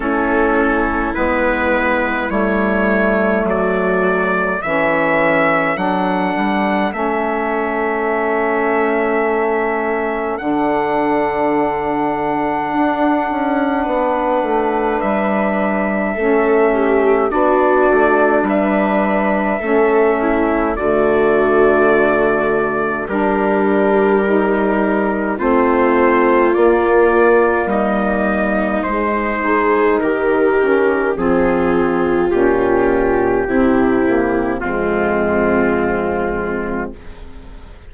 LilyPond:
<<
  \new Staff \with { instrumentName = "trumpet" } { \time 4/4 \tempo 4 = 52 a'4 b'4 cis''4 d''4 | e''4 fis''4 e''2~ | e''4 fis''2.~ | fis''4 e''2 d''4 |
e''2 d''2 | ais'2 c''4 d''4 | dis''4 c''4 ais'4 gis'4 | g'2 f'2 | }
  \new Staff \with { instrumentName = "viola" } { \time 4/4 e'2. fis'4 | a'1~ | a'1 | b'2 a'8 g'8 fis'4 |
b'4 a'8 e'8 fis'2 | g'2 f'2 | dis'4. gis'8 g'4 f'4~ | f'4 e'4 c'2 | }
  \new Staff \with { instrumentName = "saxophone" } { \time 4/4 cis'4 b4 a2 | cis'4 d'4 cis'2~ | cis'4 d'2.~ | d'2 cis'4 d'4~ |
d'4 cis'4 a2 | d'4 dis'4 c'4 ais4~ | ais4 gis8 dis'4 cis'8 c'4 | cis'4 c'8 ais8 gis2 | }
  \new Staff \with { instrumentName = "bassoon" } { \time 4/4 a4 gis4 g4 fis4 | e4 fis8 g8 a2~ | a4 d2 d'8 cis'8 | b8 a8 g4 a4 b8 a8 |
g4 a4 d2 | g2 a4 ais4 | g4 gis4 dis4 f4 | ais,4 c4 f,2 | }
>>